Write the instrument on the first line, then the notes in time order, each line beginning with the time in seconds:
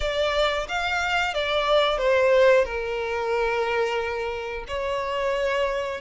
violin
0.00 D5
0.68 F5
1.34 D5
1.98 C5
2.64 A#4
4.67 C#5